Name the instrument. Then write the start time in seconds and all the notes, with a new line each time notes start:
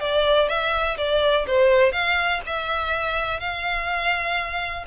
violin
0.00 D5
0.49 E5
0.97 D5
1.47 C5
1.92 F5
2.46 E5
3.40 F5